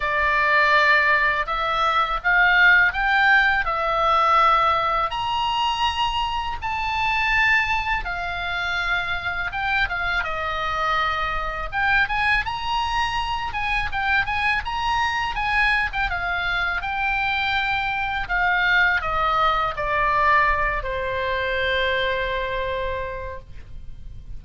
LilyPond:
\new Staff \with { instrumentName = "oboe" } { \time 4/4 \tempo 4 = 82 d''2 e''4 f''4 | g''4 e''2 ais''4~ | ais''4 a''2 f''4~ | f''4 g''8 f''8 dis''2 |
g''8 gis''8 ais''4. gis''8 g''8 gis''8 | ais''4 gis''8. g''16 f''4 g''4~ | g''4 f''4 dis''4 d''4~ | d''8 c''2.~ c''8 | }